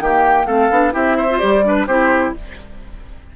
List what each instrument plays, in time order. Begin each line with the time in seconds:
0.00 bassoon D#3, clarinet A#3, oboe G4, flute G5
0.46 bassoon A3, clarinet C4, oboe A4, flute F5
0.71 bassoon B3, clarinet D4
0.92 bassoon C4, clarinet E4, oboe G4, flute E5
1.17 oboe C5
1.30 clarinet F4
1.39 bassoon G3, clarinet G4, flute D5
1.64 clarinet D4, oboe B4
1.87 bassoon C4, clarinet E4, oboe G4, flute C5